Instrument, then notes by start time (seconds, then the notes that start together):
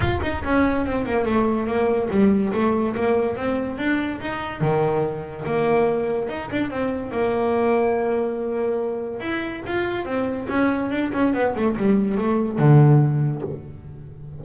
double bass
0.00 F4
0.22 D#4
0.44 C#4
0.85 C4
1.05 A#3
1.25 A3
1.66 A#3
2.10 G3
2.53 A3
2.95 A#3
3.36 C4
3.78 D4
4.21 D#4
4.61 D#3
5.45 A#3
6.28 D#4
6.51 D4
6.70 C4
7.11 A#3
9.20 E4
9.66 F4
10.05 C4
10.48 C#4
10.91 D4
11.13 C#4
11.33 B3
11.55 A3
11.76 G3
12.17 A3
12.58 D3